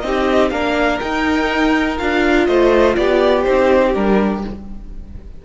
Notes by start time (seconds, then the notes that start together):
0.00 C4 D#4 G4 D#5
0.50 A#3 D4 A#4 F5
0.99 D#4 G5
1.97 D4 F4 F5
2.46 A3 C5 D#5
2.95 B3 G4 D5
3.43 C4 D#4 C5
3.93 G3 D4 A#4